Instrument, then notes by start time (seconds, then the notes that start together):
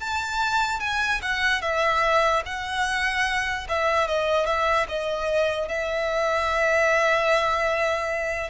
violin
0.00 A5
0.80 G#5
1.22 F#5
1.62 E5
2.46 F#5
3.69 E5
4.08 D#5
4.46 E5
4.88 D#5
5.69 E5